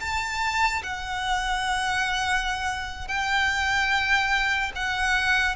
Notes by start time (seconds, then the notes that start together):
0.00 A5
0.83 F#5
3.08 G5
4.76 F#5